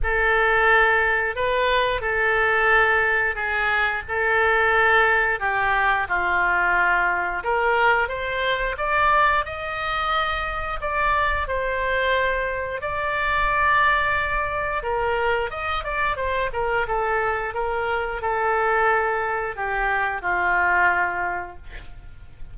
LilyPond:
\new Staff \with { instrumentName = "oboe" } { \time 4/4 \tempo 4 = 89 a'2 b'4 a'4~ | a'4 gis'4 a'2 | g'4 f'2 ais'4 | c''4 d''4 dis''2 |
d''4 c''2 d''4~ | d''2 ais'4 dis''8 d''8 | c''8 ais'8 a'4 ais'4 a'4~ | a'4 g'4 f'2 | }